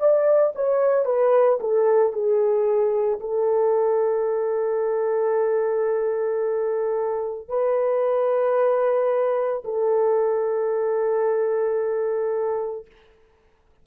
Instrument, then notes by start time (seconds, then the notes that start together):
horn
0.00 D5
0.56 C#5
1.06 B4
1.60 A4
2.13 G#4
3.20 A4
7.49 B4
9.65 A4